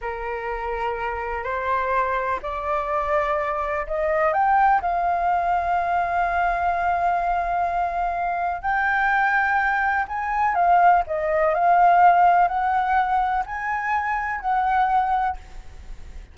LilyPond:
\new Staff \with { instrumentName = "flute" } { \time 4/4 \tempo 4 = 125 ais'2. c''4~ | c''4 d''2. | dis''4 g''4 f''2~ | f''1~ |
f''2 g''2~ | g''4 gis''4 f''4 dis''4 | f''2 fis''2 | gis''2 fis''2 | }